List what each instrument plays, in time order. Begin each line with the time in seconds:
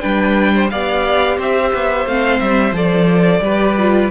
0.00 cello G3, viola D4, violin B4 G5
0.55 violin C5
0.70 cello B3, viola G4, violin D5 F5
1.37 cello C4, violin C5 E5
1.74 cello B3
2.06 cello A3, viola C4, violin F5
2.39 cello G3, violin E5
2.72 cello F3, viola A4, violin D5
3.41 cello G3, viola G4, violin B4
3.78 viola F4